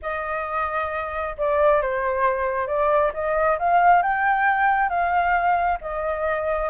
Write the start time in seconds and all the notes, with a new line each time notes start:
0.02 D#5
1.37 D5
1.81 C5
2.67 D5
3.13 D#5
3.58 F5
4.02 G5
4.89 F5
5.81 D#5